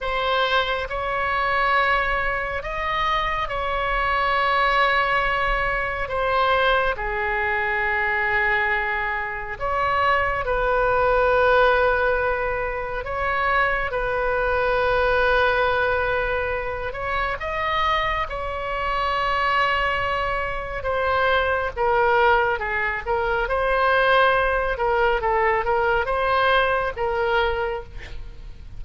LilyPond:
\new Staff \with { instrumentName = "oboe" } { \time 4/4 \tempo 4 = 69 c''4 cis''2 dis''4 | cis''2. c''4 | gis'2. cis''4 | b'2. cis''4 |
b'2.~ b'8 cis''8 | dis''4 cis''2. | c''4 ais'4 gis'8 ais'8 c''4~ | c''8 ais'8 a'8 ais'8 c''4 ais'4 | }